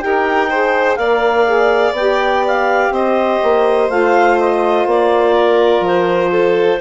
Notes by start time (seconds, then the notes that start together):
0.00 D#4 G4 A#4 G5
0.50 G#4 C5
0.96 A#3 A#4 D5 F5
1.45 G#4
1.92 B3 G4 G5
2.47 F5
2.91 C4 C5 D#5
3.43 A#3
3.89 A3 F4 F5
4.39 D#5
4.86 A#3 D5
5.34 A#4
5.80 F3 C5
6.31 A4